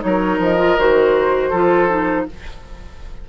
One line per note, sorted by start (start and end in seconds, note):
0.00 0.39 F#3
0.00 0.56 D#4
0.00 0.40 C#5
0.06 1.50 A#4
0.39 0.76 F3
0.39 0.79 D#5
0.58 0.77 F4
0.79 1.52 D#3
0.79 1.54 F#4
0.79 2.29 C5
1.50 2.27 F3
1.50 1.89 F4
1.50 2.25 A4
1.89 2.27 D#4